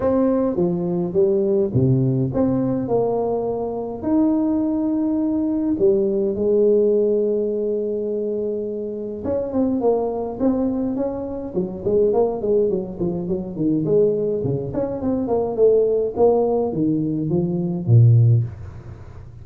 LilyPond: \new Staff \with { instrumentName = "tuba" } { \time 4/4 \tempo 4 = 104 c'4 f4 g4 c4 | c'4 ais2 dis'4~ | dis'2 g4 gis4~ | gis1 |
cis'8 c'8 ais4 c'4 cis'4 | fis8 gis8 ais8 gis8 fis8 f8 fis8 dis8 | gis4 cis8 cis'8 c'8 ais8 a4 | ais4 dis4 f4 ais,4 | }